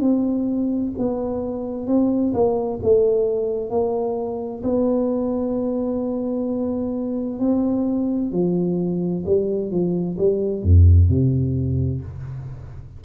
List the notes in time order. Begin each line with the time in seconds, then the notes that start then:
0.00 C4
0.98 B3
1.87 C4
2.33 A#3
2.82 A3
3.70 A#3
4.63 B3
7.39 C4
8.32 F3
9.25 G3
9.71 F3
10.17 G3
10.62 F2
11.09 C3